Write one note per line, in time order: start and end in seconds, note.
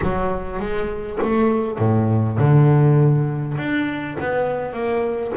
0.01 0.59 F#3
0.59 1.19 G#3
1.22 1.78 A3
1.78 2.38 A2
2.38 3.56 D3
3.57 4.17 D4
4.19 4.73 B3
4.73 5.32 A#3